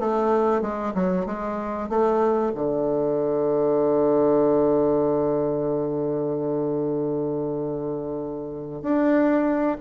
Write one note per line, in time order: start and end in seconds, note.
0.00 0.62 A3
0.62 0.94 G#3
0.95 1.26 F#3
1.26 1.89 G#3
1.89 2.53 A3
2.55 8.83 D3
8.83 9.78 D4